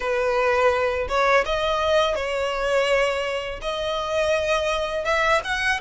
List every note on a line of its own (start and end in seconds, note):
0.00 1.08 B4
1.08 1.44 C#5
1.45 2.15 D#5
2.15 3.59 C#5
3.61 5.04 D#5
5.04 5.41 E5
5.44 5.80 F#5